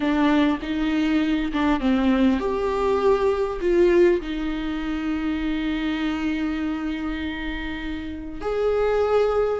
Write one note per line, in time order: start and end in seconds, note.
0.00 0.58 D4
0.61 1.52 D#4
1.52 1.79 D4
1.79 2.39 C4
2.39 3.59 G4
3.60 4.20 F4
4.21 8.41 D#4
8.41 9.60 G#4